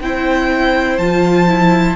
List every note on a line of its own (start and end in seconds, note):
0.00 0.98 C4
0.00 1.01 E4
0.00 1.95 C5
0.00 0.98 G5
0.98 1.95 F3
0.98 1.47 F4
0.98 1.95 A5
1.47 1.95 E4